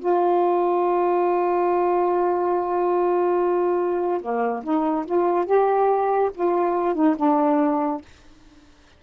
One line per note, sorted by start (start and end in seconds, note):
0.00 4.21 F4
4.21 4.63 A#3
4.63 5.06 D#4
5.06 5.46 F4
5.46 6.30 G4
6.35 6.95 F4
6.95 7.16 D#4
7.17 8.01 D4